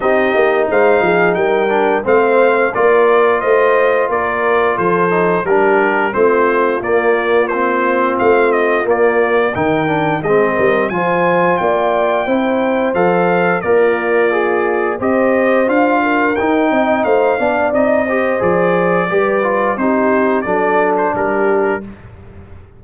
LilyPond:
<<
  \new Staff \with { instrumentName = "trumpet" } { \time 4/4 \tempo 4 = 88 dis''4 f''4 g''4 f''4 | d''4 dis''4 d''4 c''4 | ais'4 c''4 d''4 c''4 | f''8 dis''8 d''4 g''4 dis''4 |
gis''4 g''2 f''4 | d''2 dis''4 f''4 | g''4 f''4 dis''4 d''4~ | d''4 c''4 d''8. c''16 ais'4 | }
  \new Staff \with { instrumentName = "horn" } { \time 4/4 g'4 c''8 gis'8 ais'4 c''4 | ais'4 c''4 ais'4 a'4 | g'4 f'2.~ | f'2 ais'4 gis'8 ais'8 |
c''4 d''4 c''2 | f'2 c''4. ais'8~ | ais'8 dis''8 c''8 d''4 c''4. | b'4 g'4 a'4 g'4 | }
  \new Staff \with { instrumentName = "trombone" } { \time 4/4 dis'2~ dis'8 d'8 c'4 | f'2.~ f'8 dis'8 | d'4 c'4 ais4 c'4~ | c'4 ais4 dis'8 d'8 c'4 |
f'2 e'4 a'4 | ais'4 gis'4 g'4 f'4 | dis'4. d'8 dis'8 g'8 gis'4 | g'8 f'8 dis'4 d'2 | }
  \new Staff \with { instrumentName = "tuba" } { \time 4/4 c'8 ais8 gis8 f8 g4 a4 | ais4 a4 ais4 f4 | g4 a4 ais2 | a4 ais4 dis4 gis8 g8 |
f4 ais4 c'4 f4 | ais2 c'4 d'4 | dis'8 c'8 a8 b8 c'4 f4 | g4 c'4 fis4 g4 | }
>>